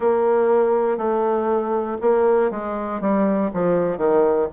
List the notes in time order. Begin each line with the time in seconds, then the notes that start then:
0.00 A#3
0.97 A3
2.00 A#3
2.50 G#3
3.00 G3
3.53 F3
3.97 D#3